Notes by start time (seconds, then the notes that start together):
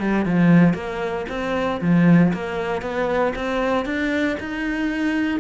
0.00 G3
0.26 F3
0.74 A#3
1.29 C4
1.81 F3
2.34 A#3
2.82 B3
3.36 C4
3.86 D4
4.40 D#4